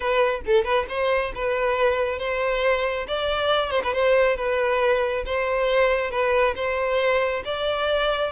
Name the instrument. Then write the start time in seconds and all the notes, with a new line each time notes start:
violin
0.00 B4
0.46 A4
0.64 B4
0.89 C5
1.34 B4
2.18 C5
3.07 D5
3.70 C5
3.83 B4
3.93 C5
4.36 B4
5.25 C5
6.10 B4
6.55 C5
7.45 D5